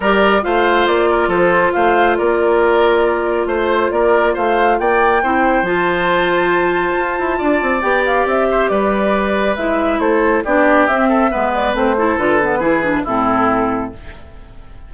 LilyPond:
<<
  \new Staff \with { instrumentName = "flute" } { \time 4/4 \tempo 4 = 138 d''4 f''4 d''4 c''4 | f''4 d''2. | c''4 d''4 f''4 g''4~ | g''4 a''2.~ |
a''2 g''8 f''8 e''4 | d''2 e''4 c''4 | d''4 e''4. d''8 c''4 | b'2 a'2 | }
  \new Staff \with { instrumentName = "oboe" } { \time 4/4 ais'4 c''4. ais'8 a'4 | c''4 ais'2. | c''4 ais'4 c''4 d''4 | c''1~ |
c''4 d''2~ d''8 c''8 | b'2. a'4 | g'4. a'8 b'4. a'8~ | a'4 gis'4 e'2 | }
  \new Staff \with { instrumentName = "clarinet" } { \time 4/4 g'4 f'2.~ | f'1~ | f'1 | e'4 f'2.~ |
f'2 g'2~ | g'2 e'2 | d'4 c'4 b4 c'8 e'8 | f'8 b8 e'8 d'8 c'2 | }
  \new Staff \with { instrumentName = "bassoon" } { \time 4/4 g4 a4 ais4 f4 | a4 ais2. | a4 ais4 a4 ais4 | c'4 f2. |
f'8 e'8 d'8 c'8 b4 c'4 | g2 gis4 a4 | b4 c'4 gis4 a4 | d4 e4 a,2 | }
>>